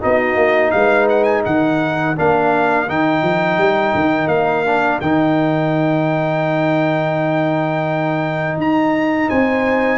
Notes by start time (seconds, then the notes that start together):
0.00 B3 D#4 F#4 D#5
0.36 A#3
0.71 G#3 B4 F5
1.09 F#5
1.24 G#5
1.45 D#3 A#4 F#5
2.16 A#3 D4 F5
2.88 D#3 D#4 G5
3.22 F3
3.58 G3
3.94 D#3
4.27 A#3 F5
4.66 D4
5.00 D#3 D#4 G5
8.57 D#4 A#5
9.28 C4 C5 G#5